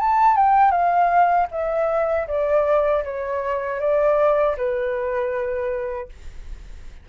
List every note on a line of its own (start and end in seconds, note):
0.00 0.37 A5
0.37 0.71 G5
0.71 1.47 F5
1.51 2.27 E5
2.28 3.03 D5
3.04 3.80 C#5
3.80 4.56 D5
4.57 6.09 B4